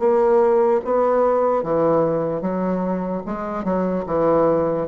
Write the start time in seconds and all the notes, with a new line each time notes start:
0.00 A#3
0.85 B3
1.63 E3
2.42 F#3
3.26 G#3
3.64 F#3
4.07 E3